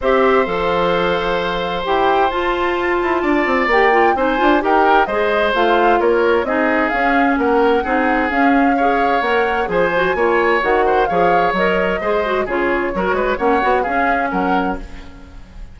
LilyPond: <<
  \new Staff \with { instrumentName = "flute" } { \time 4/4 \tempo 4 = 130 e''4 f''2. | g''4 a''2. | g''4 gis''4 g''4 dis''4 | f''4 cis''4 dis''4 f''4 |
fis''2 f''2 | fis''4 gis''2 fis''4 | f''4 dis''2 cis''4~ | cis''4 fis''4 f''4 fis''4 | }
  \new Staff \with { instrumentName = "oboe" } { \time 4/4 c''1~ | c''2. d''4~ | d''4 c''4 ais'4 c''4~ | c''4 ais'4 gis'2 |
ais'4 gis'2 cis''4~ | cis''4 c''4 cis''4. c''8 | cis''2 c''4 gis'4 | ais'8 b'8 cis''4 gis'4 ais'4 | }
  \new Staff \with { instrumentName = "clarinet" } { \time 4/4 g'4 a'2. | g'4 f'2. | g'8 f'8 dis'8 f'8 g'4 gis'4 | f'2 dis'4 cis'4~ |
cis'4 dis'4 cis'4 gis'4 | ais'4 gis'8 fis'8 f'4 fis'4 | gis'4 ais'4 gis'8 fis'8 f'4 | fis'4 cis'8 fis'8 cis'2 | }
  \new Staff \with { instrumentName = "bassoon" } { \time 4/4 c'4 f2. | e'4 f'4. e'8 d'8 c'8 | ais4 c'8 d'8 dis'4 gis4 | a4 ais4 c'4 cis'4 |
ais4 c'4 cis'2 | ais4 f4 ais4 dis4 | f4 fis4 gis4 cis4 | fis8 gis8 ais8 b8 cis'4 fis4 | }
>>